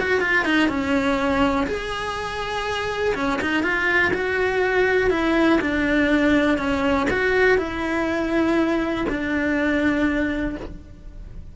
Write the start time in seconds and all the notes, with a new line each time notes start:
0.00 F#4
0.21 F4
0.45 D#4
0.69 C#4
1.67 G#4
3.15 C#4
3.42 D#4
3.63 F4
4.14 F#4
5.10 E4
5.61 D4
6.58 C#4
7.10 F#4
7.58 E4
9.09 D4